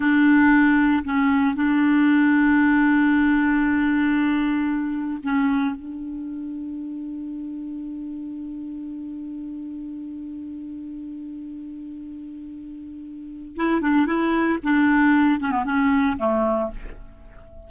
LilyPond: \new Staff \with { instrumentName = "clarinet" } { \time 4/4 \tempo 4 = 115 d'2 cis'4 d'4~ | d'1~ | d'2 cis'4 d'4~ | d'1~ |
d'1~ | d'1~ | d'2 e'8 d'8 e'4 | d'4. cis'16 b16 cis'4 a4 | }